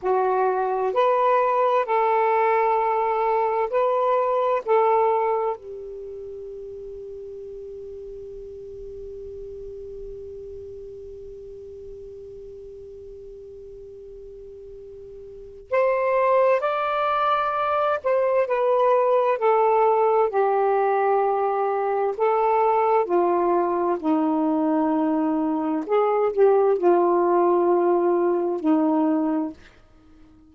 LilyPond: \new Staff \with { instrumentName = "saxophone" } { \time 4/4 \tempo 4 = 65 fis'4 b'4 a'2 | b'4 a'4 g'2~ | g'1~ | g'1~ |
g'4 c''4 d''4. c''8 | b'4 a'4 g'2 | a'4 f'4 dis'2 | gis'8 g'8 f'2 dis'4 | }